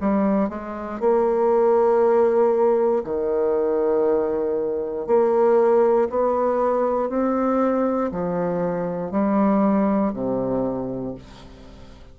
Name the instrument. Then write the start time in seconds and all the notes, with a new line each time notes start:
bassoon
0.00 G3
0.49 G#3
0.99 A#3
3.04 D#3
5.06 A#3
6.09 B3
7.09 C4
8.11 F3
9.11 G3
10.13 C3